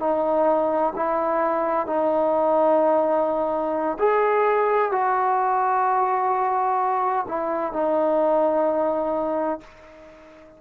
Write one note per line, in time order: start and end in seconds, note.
0.00 0.94 D#4
0.96 1.87 E4
1.87 3.98 D#4
3.99 4.92 G#4
4.92 7.27 F#4
7.29 7.73 E4
7.73 9.61 D#4